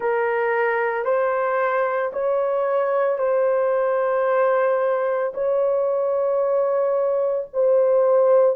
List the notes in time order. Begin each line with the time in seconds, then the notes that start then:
0.00 A#4
1.04 C5
2.12 C#5
3.18 C5
5.33 C#5
7.53 C5